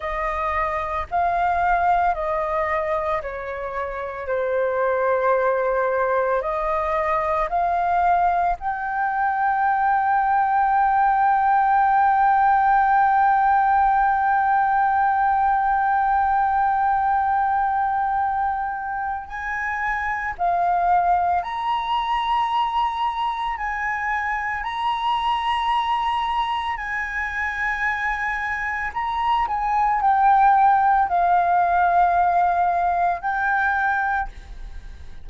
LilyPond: \new Staff \with { instrumentName = "flute" } { \time 4/4 \tempo 4 = 56 dis''4 f''4 dis''4 cis''4 | c''2 dis''4 f''4 | g''1~ | g''1~ |
g''2 gis''4 f''4 | ais''2 gis''4 ais''4~ | ais''4 gis''2 ais''8 gis''8 | g''4 f''2 g''4 | }